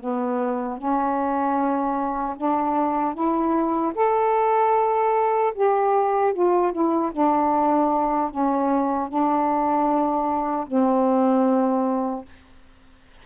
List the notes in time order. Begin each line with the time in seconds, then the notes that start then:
0.00 B3
0.78 C#4
2.36 D4
3.14 E4
3.95 A4
5.55 G4
6.33 F4
6.72 E4
7.12 D4
8.31 C#4
9.09 D4
10.67 C4